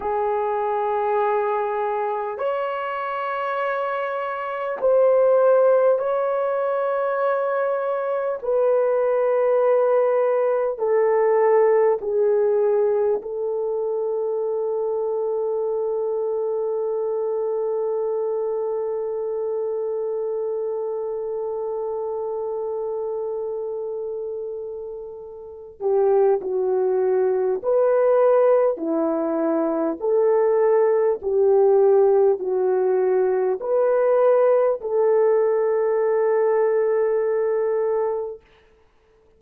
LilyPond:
\new Staff \with { instrumentName = "horn" } { \time 4/4 \tempo 4 = 50 gis'2 cis''2 | c''4 cis''2 b'4~ | b'4 a'4 gis'4 a'4~ | a'1~ |
a'1~ | a'4. g'8 fis'4 b'4 | e'4 a'4 g'4 fis'4 | b'4 a'2. | }